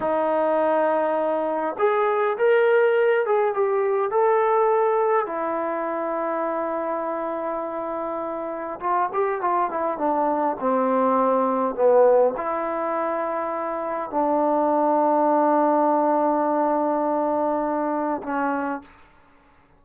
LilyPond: \new Staff \with { instrumentName = "trombone" } { \time 4/4 \tempo 4 = 102 dis'2. gis'4 | ais'4. gis'8 g'4 a'4~ | a'4 e'2.~ | e'2. f'8 g'8 |
f'8 e'8 d'4 c'2 | b4 e'2. | d'1~ | d'2. cis'4 | }